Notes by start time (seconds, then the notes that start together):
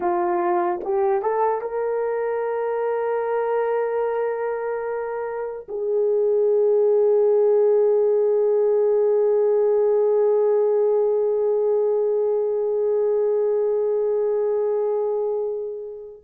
0.00 F4
0.84 G4
1.22 A4
1.61 A#4
5.68 G#4